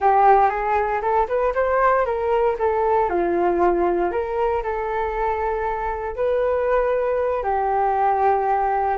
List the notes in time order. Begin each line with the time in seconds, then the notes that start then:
0.00 G4
0.49 G#4
1.01 A4
1.28 B4
1.54 C5
2.05 A#4
2.58 A4
3.09 F4
4.11 A#4
4.63 A4
6.15 B4
7.43 G4